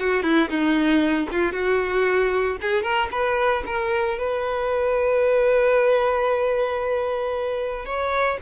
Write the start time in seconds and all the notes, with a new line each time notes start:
0.00 F#4
0.23 E4
0.50 D#4
1.32 F4
1.53 F#4
2.62 G#4
2.83 A#4
3.12 B4
3.67 A#4
4.18 B4
7.86 C#5